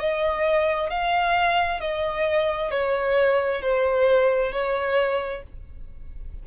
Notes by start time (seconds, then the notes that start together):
0.00 D#5
0.90 F5
1.81 D#5
2.71 C#5
3.62 C5
4.52 C#5